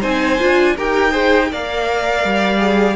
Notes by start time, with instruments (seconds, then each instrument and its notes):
0.00 cello C4, viola D#4, violin C5 G#5
0.40 cello D4, viola F4
0.77 cello D#4, viola G4, violin A#4 G5
1.11 viola G#4, violin C5
1.52 cello A#3, viola A#4, violin D5 F5
2.24 cello G3
2.59 viola G#4